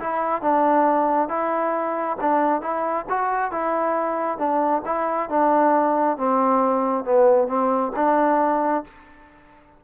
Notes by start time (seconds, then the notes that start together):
0.00 E4
0.42 D4
1.29 E4
2.21 D4
2.61 E4
3.10 F#4
3.52 E4
4.38 D4
4.85 E4
5.29 D4
6.18 C4
7.05 B3
7.48 C4
7.96 D4